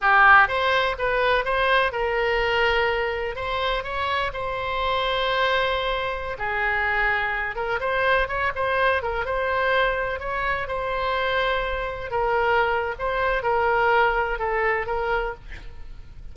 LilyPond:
\new Staff \with { instrumentName = "oboe" } { \time 4/4 \tempo 4 = 125 g'4 c''4 b'4 c''4 | ais'2. c''4 | cis''4 c''2.~ | c''4~ c''16 gis'2~ gis'8 ais'16~ |
ais'16 c''4 cis''8 c''4 ais'8 c''8.~ | c''4~ c''16 cis''4 c''4.~ c''16~ | c''4~ c''16 ais'4.~ ais'16 c''4 | ais'2 a'4 ais'4 | }